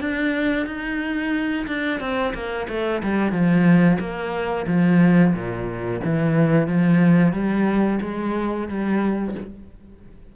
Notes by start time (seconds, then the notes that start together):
0.00 D4
0.66 D#4
1.67 D4
2.00 C4
2.34 A#3
2.68 A3
3.03 G3
3.32 F3
3.99 A#3
4.67 F3
5.34 A#2
6.04 E3
6.67 F3
7.33 G3
8.01 G#3
8.68 G3